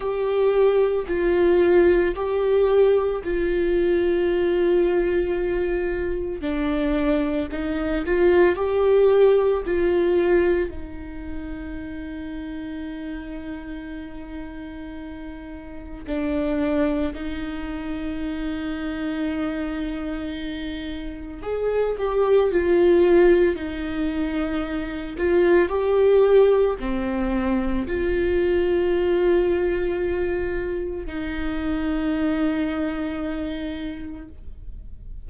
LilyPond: \new Staff \with { instrumentName = "viola" } { \time 4/4 \tempo 4 = 56 g'4 f'4 g'4 f'4~ | f'2 d'4 dis'8 f'8 | g'4 f'4 dis'2~ | dis'2. d'4 |
dis'1 | gis'8 g'8 f'4 dis'4. f'8 | g'4 c'4 f'2~ | f'4 dis'2. | }